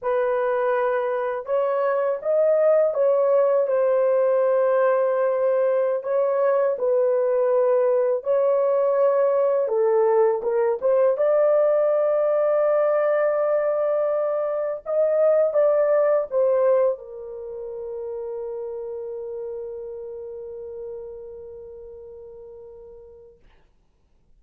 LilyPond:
\new Staff \with { instrumentName = "horn" } { \time 4/4 \tempo 4 = 82 b'2 cis''4 dis''4 | cis''4 c''2.~ | c''16 cis''4 b'2 cis''8.~ | cis''4~ cis''16 a'4 ais'8 c''8 d''8.~ |
d''1~ | d''16 dis''4 d''4 c''4 ais'8.~ | ais'1~ | ais'1 | }